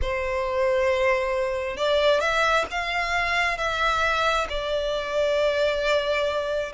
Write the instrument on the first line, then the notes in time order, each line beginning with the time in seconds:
violin
0.01 C5
1.76 D5
2.20 E5
2.71 F5
3.57 E5
4.49 D5